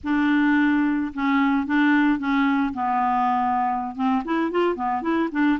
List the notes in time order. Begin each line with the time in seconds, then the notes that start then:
0.03 D4
1.14 C#4
1.66 D4
2.18 C#4
2.73 B3
3.95 C4
4.24 E4
4.51 F4
4.75 B3
5.02 E4
5.31 D4